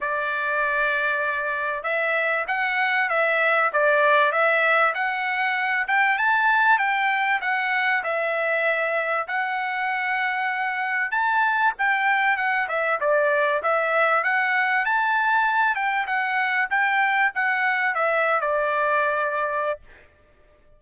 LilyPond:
\new Staff \with { instrumentName = "trumpet" } { \time 4/4 \tempo 4 = 97 d''2. e''4 | fis''4 e''4 d''4 e''4 | fis''4. g''8 a''4 g''4 | fis''4 e''2 fis''4~ |
fis''2 a''4 g''4 | fis''8 e''8 d''4 e''4 fis''4 | a''4. g''8 fis''4 g''4 | fis''4 e''8. d''2~ d''16 | }